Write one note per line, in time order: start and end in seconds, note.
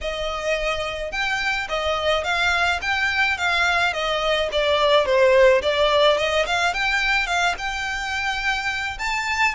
0.01 1.11 D#5
1.11 1.67 G5
1.68 2.24 D#5
2.24 2.80 F5
2.81 3.37 G5
3.37 3.93 F5
3.93 4.49 D#5
4.52 5.05 D5
5.05 5.61 C5
5.62 6.17 D5
6.17 6.45 D#5
6.46 6.73 F5
6.73 7.26 G5
7.26 7.54 F5
7.58 8.98 G5
8.98 9.54 A5